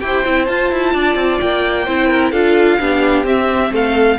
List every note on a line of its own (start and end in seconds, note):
0.00 0.25 E4
0.00 0.24 G4
0.00 0.94 C5
0.00 0.45 G5
0.25 0.48 C4
0.25 0.47 E4
0.45 1.87 F4
0.45 0.72 F4
0.45 1.38 A5
0.72 0.94 E4
0.94 1.15 D4
0.94 1.85 D5
1.15 1.39 C4
1.40 1.88 A#3
1.40 2.32 G5
1.85 2.32 C4
1.85 2.34 E4
1.85 2.08 C5
2.08 2.31 A#4
2.32 2.79 D4
2.32 2.80 F4
2.32 2.78 A4
2.32 3.25 F5
2.80 3.24 B3
2.80 3.25 D4
2.80 3.73 G4
3.24 3.71 C4
3.24 4.18 C4
3.24 3.74 E5
3.71 4.18 A3
3.71 4.19 A4
3.71 4.19 F5